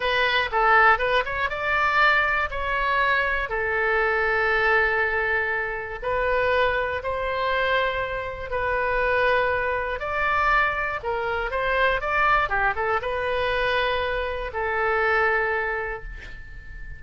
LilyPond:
\new Staff \with { instrumentName = "oboe" } { \time 4/4 \tempo 4 = 120 b'4 a'4 b'8 cis''8 d''4~ | d''4 cis''2 a'4~ | a'1 | b'2 c''2~ |
c''4 b'2. | d''2 ais'4 c''4 | d''4 g'8 a'8 b'2~ | b'4 a'2. | }